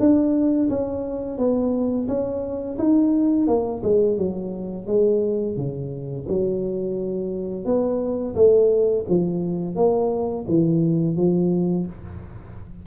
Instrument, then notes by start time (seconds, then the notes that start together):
tuba
0.00 D4
0.70 C#4
1.39 B3
2.08 C#4
2.79 D#4
3.48 A#3
3.84 G#3
4.18 F#3
4.87 G#3
5.57 C#3
6.29 F#3
7.66 B3
8.36 A3
9.10 F3
9.76 A#3
10.49 E3
11.17 F3